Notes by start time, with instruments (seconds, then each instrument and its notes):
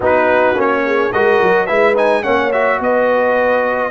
0.00 tuba B3, trombone D#4, horn F#4, trumpet B4
0.54 tuba A#3, trombone C#4, trumpet C#5
0.85 horn G#4
1.12 tuba G#3, trombone F#4, horn A#4, trumpet D#5
1.42 tuba F#3
1.66 tuba G#3, trombone E4, horn B4, trumpet E5
1.95 trombone D#4, trumpet G#5
2.23 tuba A#3, trombone C#4, horn C#5, trumpet F#5
2.52 trombone F#4, trumpet E5
2.80 tuba B3, horn B4, trumpet D#5